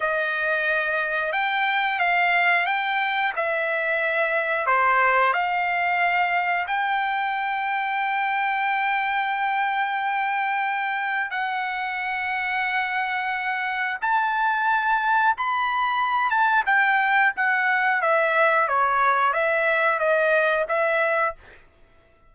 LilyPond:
\new Staff \with { instrumentName = "trumpet" } { \time 4/4 \tempo 4 = 90 dis''2 g''4 f''4 | g''4 e''2 c''4 | f''2 g''2~ | g''1~ |
g''4 fis''2.~ | fis''4 a''2 b''4~ | b''8 a''8 g''4 fis''4 e''4 | cis''4 e''4 dis''4 e''4 | }